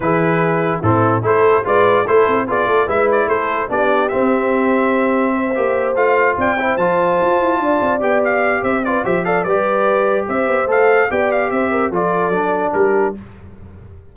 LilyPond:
<<
  \new Staff \with { instrumentName = "trumpet" } { \time 4/4 \tempo 4 = 146 b'2 a'4 c''4 | d''4 c''4 d''4 e''8 d''8 | c''4 d''4 e''2~ | e''2~ e''8 f''4 g''8~ |
g''8 a''2. g''8 | f''4 e''8 d''8 e''8 f''8 d''4~ | d''4 e''4 f''4 g''8 f''8 | e''4 d''2 ais'4 | }
  \new Staff \with { instrumentName = "horn" } { \time 4/4 gis'2 e'4 a'4 | b'4 a'4 gis'8 a'8 b'4 | a'4 g'2.~ | g'4 c''2~ c''8 d''8 |
c''2~ c''8 d''4.~ | d''4 c''8 b'8 c''8 d''8 b'4~ | b'4 c''2 d''4 | c''8 ais'8 a'2 g'4 | }
  \new Staff \with { instrumentName = "trombone" } { \time 4/4 e'2 c'4 e'4 | f'4 e'4 f'4 e'4~ | e'4 d'4 c'2~ | c'4. g'4 f'4. |
e'8 f'2. g'8~ | g'4. f'8 g'8 a'8 g'4~ | g'2 a'4 g'4~ | g'4 f'4 d'2 | }
  \new Staff \with { instrumentName = "tuba" } { \time 4/4 e2 a,4 a4 | gis4 a8 c'8 b8 a8 gis4 | a4 b4 c'2~ | c'4. ais4 a4 c'8~ |
c'8 f4 f'8 e'8 d'8 c'8 b8~ | b4 c'4 f4 g4~ | g4 c'8 b8 a4 b4 | c'4 f4 fis4 g4 | }
>>